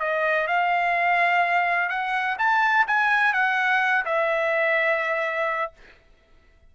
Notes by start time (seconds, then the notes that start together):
0.00 D#5
0.48 F5
1.90 F#5
2.39 A5
2.88 G#5
3.34 F#5
4.06 E5